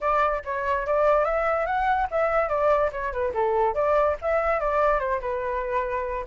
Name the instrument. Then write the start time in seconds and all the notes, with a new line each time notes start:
flute
0.00 D5
0.45 C#5
0.86 D5
1.24 E5
1.66 F#5
2.10 E5
2.48 D5
2.92 C#5
3.12 B4
3.34 A4
3.74 D5
4.21 E5
4.60 D5
4.99 C5
5.20 B4